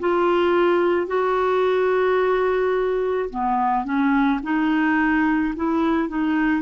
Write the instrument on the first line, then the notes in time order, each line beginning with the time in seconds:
clarinet
0.00 F4
1.07 F#4
3.30 B3
3.84 C#4
4.43 D#4
5.56 E4
6.09 D#4